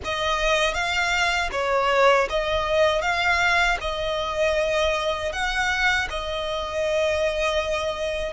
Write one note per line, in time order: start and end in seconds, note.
0.04 0.74 D#5
0.74 1.49 F5
1.52 2.28 C#5
2.29 3.01 D#5
3.01 3.77 F5
3.80 5.32 D#5
5.32 6.08 F#5
6.10 8.33 D#5